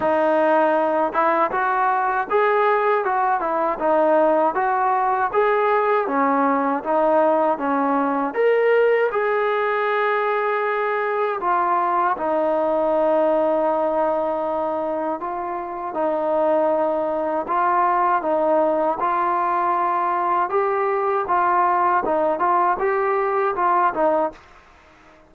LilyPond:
\new Staff \with { instrumentName = "trombone" } { \time 4/4 \tempo 4 = 79 dis'4. e'8 fis'4 gis'4 | fis'8 e'8 dis'4 fis'4 gis'4 | cis'4 dis'4 cis'4 ais'4 | gis'2. f'4 |
dis'1 | f'4 dis'2 f'4 | dis'4 f'2 g'4 | f'4 dis'8 f'8 g'4 f'8 dis'8 | }